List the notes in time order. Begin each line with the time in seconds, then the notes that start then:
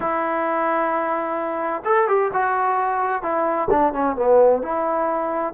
0.00 E4
1.85 A4
2.08 G4
2.33 F#4
3.22 E4
3.70 D4
3.93 C#4
4.16 B3
4.62 E4